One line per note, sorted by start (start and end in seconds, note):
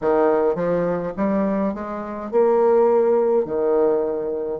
0.01 0.55 D#3
0.55 1.13 F3
1.16 1.74 G3
1.74 2.31 G#3
2.31 3.45 A#3
3.45 4.59 D#3